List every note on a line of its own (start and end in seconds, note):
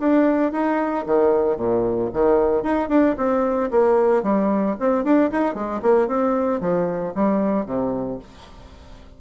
0.00 0.52 D4
0.52 1.05 D#4
1.06 1.57 D#3
1.57 2.10 A#2
2.14 2.63 D#3
2.63 2.90 D#4
2.90 3.16 D4
3.18 3.71 C4
3.71 4.23 A#3
4.23 4.76 G3
4.80 5.04 C4
5.04 5.31 D4
5.31 5.55 D#4
5.55 5.81 G#3
5.83 6.08 A#3
6.08 6.61 C4
6.61 7.14 F3
7.15 7.66 G3
7.66 8.19 C3